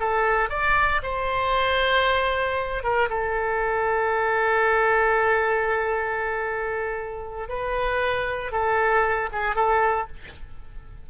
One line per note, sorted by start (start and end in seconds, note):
0.00 0.50 A4
0.50 1.02 D5
1.03 2.84 C5
2.84 3.09 A#4
3.10 7.49 A4
7.49 8.52 B4
8.52 9.30 A4
9.33 9.56 G#4
9.56 10.07 A4